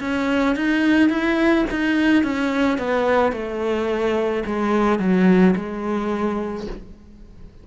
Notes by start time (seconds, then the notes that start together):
0.00 C#4
0.56 D#4
1.09 E4
1.70 D#4
2.23 C#4
2.78 B3
3.32 A3
4.45 G#3
4.99 F#3
5.56 G#3